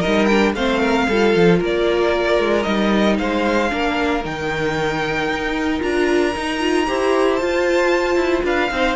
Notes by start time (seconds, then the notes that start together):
0.00 D#4 A#4 D#5
0.07 G3
0.26 D4 G5
0.55 A3 C4 C5 F5
0.80 A#4
1.08 G3 F4 A4
1.36 F3
1.59 A#3 A#4 D5
2.39 G#3
2.63 G3 D#4 D#5
3.18 G#3 C5 F5
3.70 A#3 D4 A#4
4.24 D#3 D#4 G5
5.28 D#4
5.80 D4 F4 A#5
6.36 D#4
6.60 F4
6.87 E4 G4 C5
7.36 F4 A5
8.16 E4
8.44 D4 B4 F5
8.71 C4 D#4 C5